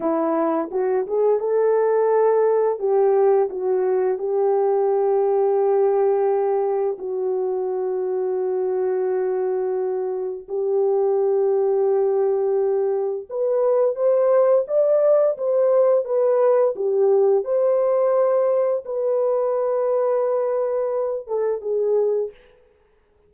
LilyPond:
\new Staff \with { instrumentName = "horn" } { \time 4/4 \tempo 4 = 86 e'4 fis'8 gis'8 a'2 | g'4 fis'4 g'2~ | g'2 fis'2~ | fis'2. g'4~ |
g'2. b'4 | c''4 d''4 c''4 b'4 | g'4 c''2 b'4~ | b'2~ b'8 a'8 gis'4 | }